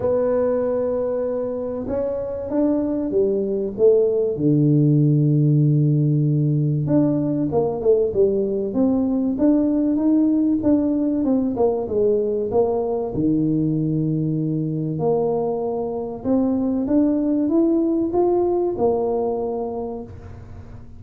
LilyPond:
\new Staff \with { instrumentName = "tuba" } { \time 4/4 \tempo 4 = 96 b2. cis'4 | d'4 g4 a4 d4~ | d2. d'4 | ais8 a8 g4 c'4 d'4 |
dis'4 d'4 c'8 ais8 gis4 | ais4 dis2. | ais2 c'4 d'4 | e'4 f'4 ais2 | }